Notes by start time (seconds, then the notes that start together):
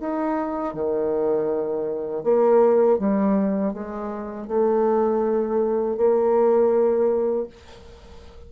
0.00 D#4
0.74 D#3
2.24 A#3
2.99 G3
3.74 G#3
4.48 A3
5.97 A#3